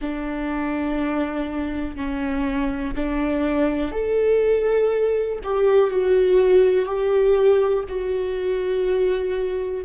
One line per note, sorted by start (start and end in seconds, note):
0.01 1.95 D4
1.95 2.94 C#4
2.95 3.91 D4
3.91 5.39 A4
5.43 5.90 G4
5.90 6.85 F#4
6.85 7.83 G4
7.88 9.84 F#4